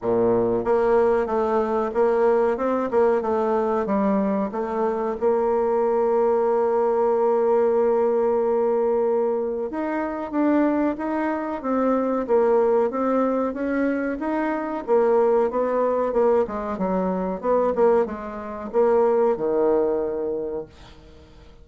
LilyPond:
\new Staff \with { instrumentName = "bassoon" } { \time 4/4 \tempo 4 = 93 ais,4 ais4 a4 ais4 | c'8 ais8 a4 g4 a4 | ais1~ | ais2. dis'4 |
d'4 dis'4 c'4 ais4 | c'4 cis'4 dis'4 ais4 | b4 ais8 gis8 fis4 b8 ais8 | gis4 ais4 dis2 | }